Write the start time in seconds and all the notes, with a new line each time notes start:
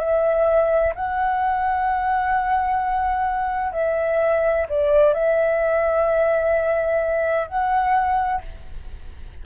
0.00 E5
0.95 F#5
3.73 E5
4.70 D5
5.14 E5
7.48 F#5